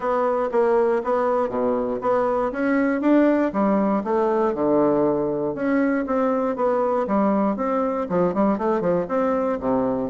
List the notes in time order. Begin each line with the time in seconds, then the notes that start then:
0.00 B3
0.51 A#3
1.04 B3
1.49 B2
2.01 B3
2.52 C#4
3.01 D4
3.52 G3
4.04 A3
4.54 D3
5.55 C#4
6.06 C4
6.56 B3
7.07 G3
7.56 C4
8.09 F3
8.34 G3
8.57 A3
8.81 F3
9.08 C4
9.60 C3